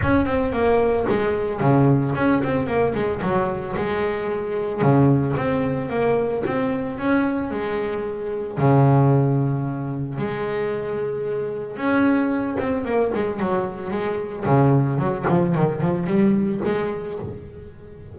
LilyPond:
\new Staff \with { instrumentName = "double bass" } { \time 4/4 \tempo 4 = 112 cis'8 c'8 ais4 gis4 cis4 | cis'8 c'8 ais8 gis8 fis4 gis4~ | gis4 cis4 c'4 ais4 | c'4 cis'4 gis2 |
cis2. gis4~ | gis2 cis'4. c'8 | ais8 gis8 fis4 gis4 cis4 | fis8 f8 dis8 f8 g4 gis4 | }